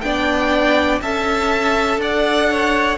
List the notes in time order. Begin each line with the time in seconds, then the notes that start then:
0.00 B3 D4 D5 G5
1.01 C#4 A4 E5 A5
1.97 D4 D5 F#5
2.50 C#5